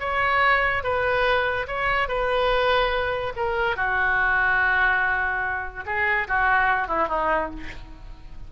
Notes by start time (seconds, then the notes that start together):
0.00 C#5
0.83 B4
1.67 C#5
2.08 B4
3.36 A#4
3.76 F#4
5.86 G#4
6.28 F#4
6.88 E4
7.08 D#4